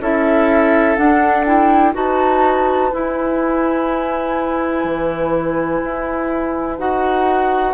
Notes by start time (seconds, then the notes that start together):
0.00 C#4 E4 A4 E5
0.96 D4 F#5
1.45 E4 G5
1.93 D#4 F#4 B4 A5
2.92 E4 G#5
4.84 E3
5.83 E4
6.78 D#4 F#4 F#5